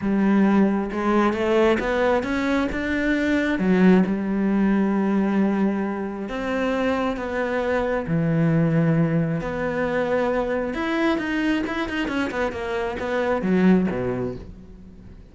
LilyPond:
\new Staff \with { instrumentName = "cello" } { \time 4/4 \tempo 4 = 134 g2 gis4 a4 | b4 cis'4 d'2 | fis4 g2.~ | g2 c'2 |
b2 e2~ | e4 b2. | e'4 dis'4 e'8 dis'8 cis'8 b8 | ais4 b4 fis4 b,4 | }